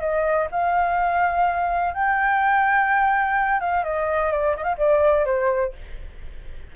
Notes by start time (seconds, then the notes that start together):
0.00 D#5
0.52 F5
1.94 G5
3.61 F5
3.84 D#5
4.32 D5
4.57 D#5
4.64 F5
4.78 D5
5.26 C5